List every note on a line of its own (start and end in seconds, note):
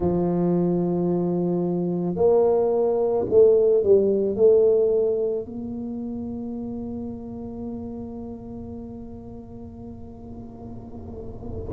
0.00 2.15 F3
2.15 3.24 A#3
3.29 3.83 A3
3.83 4.36 G3
4.36 5.45 A3
5.45 11.72 A#3